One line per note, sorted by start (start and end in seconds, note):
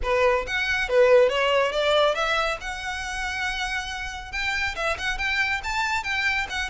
0.02 0.46 B4
0.47 0.88 F#5
0.88 1.29 B4
1.29 1.71 C#5
1.71 2.14 D5
2.14 2.57 E5
2.60 4.32 F#5
4.32 4.75 G5
4.75 4.97 E5
4.98 5.18 F#5
5.18 5.61 G5
5.63 6.03 A5
6.03 6.46 G5
6.49 6.69 F#5